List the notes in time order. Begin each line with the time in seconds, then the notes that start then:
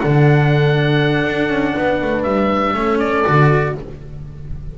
0.00 D3 D4 A4 F#5
1.25 D4
1.49 C#4
1.75 B3 B4
2.02 A3
2.23 G3 E5
2.74 A3 C#4 A4
3.00 D5
3.25 D3 F#4